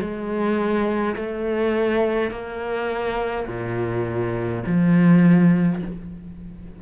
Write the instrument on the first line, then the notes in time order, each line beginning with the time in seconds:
cello
0.00 G#3
1.16 A3
2.30 A#3
3.47 A#2
4.66 F3